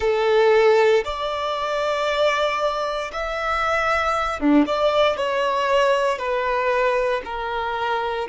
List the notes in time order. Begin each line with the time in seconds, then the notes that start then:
0.00 A4
1.04 D5
3.13 E5
4.40 D4
4.66 D5
5.16 C#5
6.18 B4
7.25 A#4